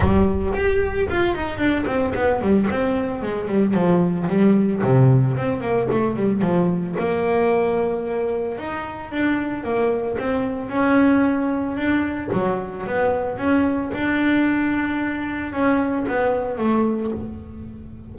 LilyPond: \new Staff \with { instrumentName = "double bass" } { \time 4/4 \tempo 4 = 112 g4 g'4 f'8 dis'8 d'8 c'8 | b8 g8 c'4 gis8 g8 f4 | g4 c4 c'8 ais8 a8 g8 | f4 ais2. |
dis'4 d'4 ais4 c'4 | cis'2 d'4 fis4 | b4 cis'4 d'2~ | d'4 cis'4 b4 a4 | }